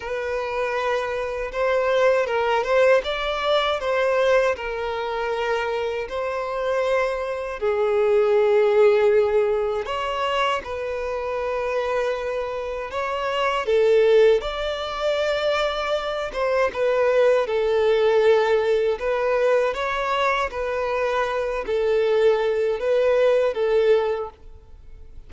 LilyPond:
\new Staff \with { instrumentName = "violin" } { \time 4/4 \tempo 4 = 79 b'2 c''4 ais'8 c''8 | d''4 c''4 ais'2 | c''2 gis'2~ | gis'4 cis''4 b'2~ |
b'4 cis''4 a'4 d''4~ | d''4. c''8 b'4 a'4~ | a'4 b'4 cis''4 b'4~ | b'8 a'4. b'4 a'4 | }